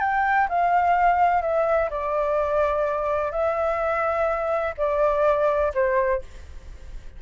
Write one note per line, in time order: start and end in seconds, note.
0.00 0.48 G5
0.49 1.42 F5
1.42 1.89 E5
1.90 3.31 D5
3.31 4.74 E5
4.78 5.73 D5
5.74 6.22 C5